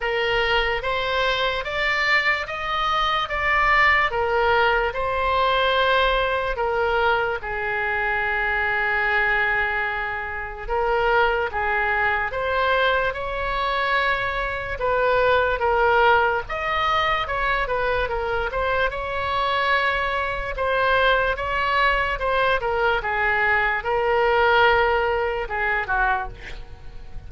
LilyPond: \new Staff \with { instrumentName = "oboe" } { \time 4/4 \tempo 4 = 73 ais'4 c''4 d''4 dis''4 | d''4 ais'4 c''2 | ais'4 gis'2.~ | gis'4 ais'4 gis'4 c''4 |
cis''2 b'4 ais'4 | dis''4 cis''8 b'8 ais'8 c''8 cis''4~ | cis''4 c''4 cis''4 c''8 ais'8 | gis'4 ais'2 gis'8 fis'8 | }